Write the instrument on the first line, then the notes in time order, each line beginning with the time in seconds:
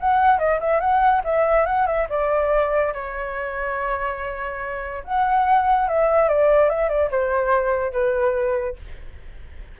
flute
0.00 F#5
0.39 D#5
0.60 E5
0.80 F#5
1.24 E5
1.65 F#5
1.86 E5
2.09 D5
2.93 C#5
5.04 F#5
5.88 E5
6.28 D5
6.69 E5
6.89 D5
7.11 C5
7.92 B4